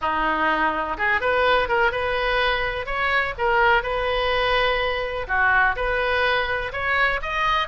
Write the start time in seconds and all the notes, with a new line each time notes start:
0.01 D#4
0.97 G#4
1.20 B4
1.68 A#4
1.91 B4
2.86 C#5
3.38 A#4
3.82 B4
5.27 F#4
5.76 B4
6.72 C#5
7.22 D#5